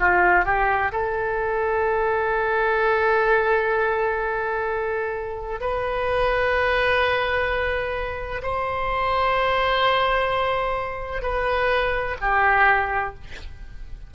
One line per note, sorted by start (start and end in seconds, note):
0.00 0.45 F4
0.45 0.92 G4
0.92 5.61 A4
5.61 8.42 B4
8.43 11.23 C5
11.23 12.17 B4
12.21 13.15 G4